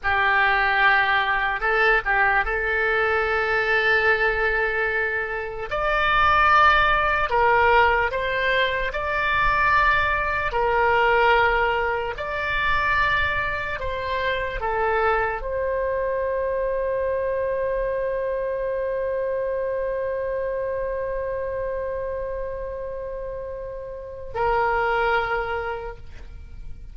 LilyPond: \new Staff \with { instrumentName = "oboe" } { \time 4/4 \tempo 4 = 74 g'2 a'8 g'8 a'4~ | a'2. d''4~ | d''4 ais'4 c''4 d''4~ | d''4 ais'2 d''4~ |
d''4 c''4 a'4 c''4~ | c''1~ | c''1~ | c''2 ais'2 | }